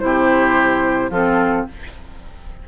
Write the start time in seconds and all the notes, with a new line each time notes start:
0.00 C3 E4 G4 C5
1.11 F3 C4 F4 A4